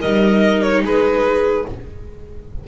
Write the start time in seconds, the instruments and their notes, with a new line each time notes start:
0.00 double bass G3, viola D#4, clarinet A#4, violin D#5
0.62 violin C#5
0.83 double bass G#3, clarinet G#4, violin B4